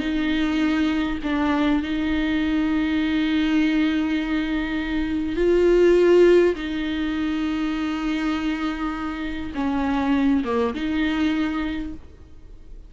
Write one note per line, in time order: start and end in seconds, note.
0.00 1.19 D#4
1.24 1.83 D4
1.83 5.37 D#4
5.37 6.55 F4
6.56 9.53 D#4
9.55 10.44 C#4
10.45 10.75 A#3
10.75 11.94 D#4